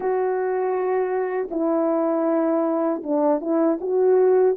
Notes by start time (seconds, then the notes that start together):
0.00 F#4
1.50 E4
3.03 D4
3.40 E4
3.80 F#4